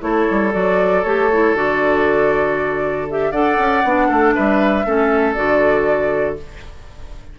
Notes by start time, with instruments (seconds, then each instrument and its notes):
0.00 bassoon A3, clarinet E4, oboe A4, flute C#5
0.30 bassoon G3
0.52 bassoon F#3, clarinet F#4, flute D5
1.04 bassoon A3, clarinet G4, flute C#5
1.32 clarinet E4
1.54 bassoon D3, clarinet F#4, flute D5
3.10 clarinet G4, flute E5
3.31 bassoon D4, clarinet A4, oboe D5, flute F#5
3.58 bassoon C#4
3.84 bassoon B3, clarinet D4
4.08 bassoon A3, oboe A4
4.34 bassoon G3, oboe B4, flute E5
4.85 bassoon A3, clarinet C#4, oboe A4
5.34 bassoon D3, clarinet F#4, flute D5